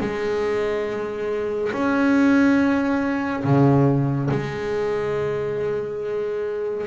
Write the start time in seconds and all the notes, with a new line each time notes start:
0.00 G#3
1.72 C#4
3.44 C#3
4.31 G#3